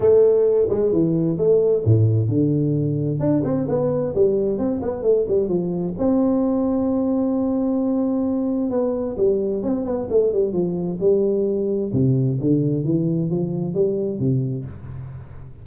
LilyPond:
\new Staff \with { instrumentName = "tuba" } { \time 4/4 \tempo 4 = 131 a4. gis8 e4 a4 | a,4 d2 d'8 c'8 | b4 g4 c'8 b8 a8 g8 | f4 c'2.~ |
c'2. b4 | g4 c'8 b8 a8 g8 f4 | g2 c4 d4 | e4 f4 g4 c4 | }